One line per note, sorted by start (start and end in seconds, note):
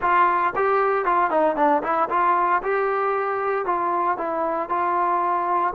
0.01 0.53 F4
0.55 1.05 G4
1.05 1.30 F4
1.30 1.56 D#4
1.56 1.82 D4
1.83 2.09 E4
2.09 2.61 F4
2.63 3.65 G4
3.65 4.17 F4
4.17 4.69 E4
4.69 5.73 F4